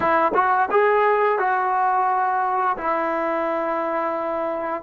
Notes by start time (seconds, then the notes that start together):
0.00 E4
0.34 F#4
0.71 G#4
1.38 F#4
2.77 E4